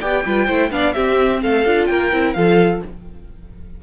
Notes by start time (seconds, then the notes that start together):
0.00 B3 G4 D5 G5
0.26 G3 F4 B4
0.47 A3 E4 C5
0.71 B3 D4 D5 F5
0.93 C4 G4 E5
1.43 A3 A4 F5
1.66 D4 F4
1.87 A#3 A#4 G5
2.13 C4 E4
2.34 F3 F4 A4 F5